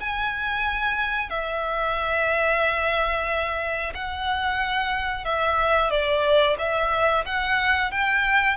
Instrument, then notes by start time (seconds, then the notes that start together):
violin
0.00 G#5
1.30 E5
3.95 F#5
5.25 E5
5.90 D5
6.59 E5
7.26 F#5
7.91 G5